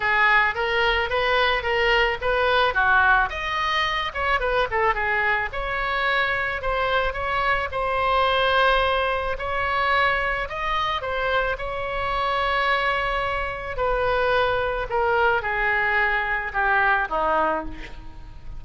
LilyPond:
\new Staff \with { instrumentName = "oboe" } { \time 4/4 \tempo 4 = 109 gis'4 ais'4 b'4 ais'4 | b'4 fis'4 dis''4. cis''8 | b'8 a'8 gis'4 cis''2 | c''4 cis''4 c''2~ |
c''4 cis''2 dis''4 | c''4 cis''2.~ | cis''4 b'2 ais'4 | gis'2 g'4 dis'4 | }